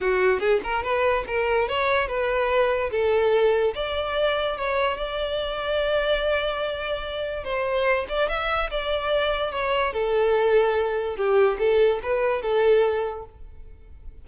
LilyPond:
\new Staff \with { instrumentName = "violin" } { \time 4/4 \tempo 4 = 145 fis'4 gis'8 ais'8 b'4 ais'4 | cis''4 b'2 a'4~ | a'4 d''2 cis''4 | d''1~ |
d''2 c''4. d''8 | e''4 d''2 cis''4 | a'2. g'4 | a'4 b'4 a'2 | }